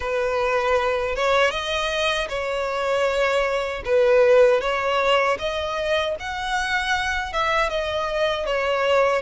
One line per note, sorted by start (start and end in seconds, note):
0.00 1.15 B4
1.15 1.50 C#5
1.50 2.27 D#5
2.28 3.82 C#5
3.85 4.60 B4
4.60 5.37 C#5
5.38 6.15 D#5
6.19 7.33 F#5
7.33 7.69 E5
7.69 8.45 D#5
8.45 9.22 C#5